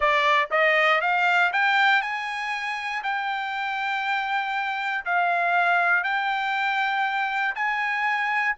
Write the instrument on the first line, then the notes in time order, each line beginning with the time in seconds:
trumpet
0.00 D5
0.50 D#5
1.01 F5
1.52 G5
2.01 G#5
3.03 G5
5.05 F5
6.03 G5
7.55 G#5